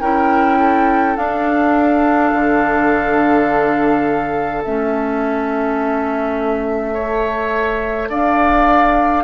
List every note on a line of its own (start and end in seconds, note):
0.00 1.16 C#4
0.00 1.16 E4
0.00 0.58 A#4
0.00 1.16 G5
0.59 6.93 A4
1.16 4.62 D4
1.16 2.32 D4
1.16 4.62 F5
2.32 4.63 D3
4.63 8.09 A3
4.63 6.95 C#4
4.63 8.09 E5
6.93 9.23 A4
6.93 8.08 C#5
8.08 9.23 D4
8.08 9.23 D5
8.08 9.23 F5